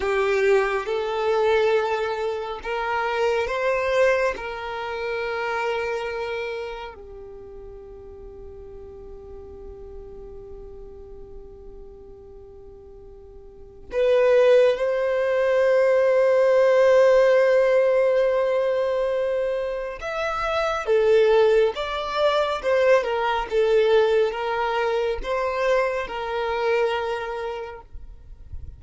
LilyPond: \new Staff \with { instrumentName = "violin" } { \time 4/4 \tempo 4 = 69 g'4 a'2 ais'4 | c''4 ais'2. | g'1~ | g'1 |
b'4 c''2.~ | c''2. e''4 | a'4 d''4 c''8 ais'8 a'4 | ais'4 c''4 ais'2 | }